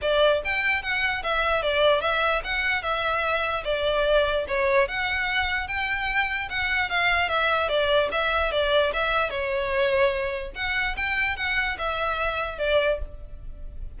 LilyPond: \new Staff \with { instrumentName = "violin" } { \time 4/4 \tempo 4 = 148 d''4 g''4 fis''4 e''4 | d''4 e''4 fis''4 e''4~ | e''4 d''2 cis''4 | fis''2 g''2 |
fis''4 f''4 e''4 d''4 | e''4 d''4 e''4 cis''4~ | cis''2 fis''4 g''4 | fis''4 e''2 d''4 | }